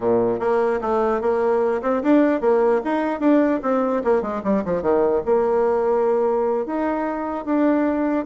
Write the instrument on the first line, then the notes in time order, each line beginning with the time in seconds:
bassoon
0.00 A#2
0.39 A#3
0.81 A3
1.21 A#3
1.82 C4
2.02 D4
2.40 A#3
2.84 D#4
3.20 D4
3.62 C4
4.04 A#3
4.22 G#3
4.43 G3
4.64 F3
4.82 D#3
5.25 A#3
6.66 D#4
7.45 D4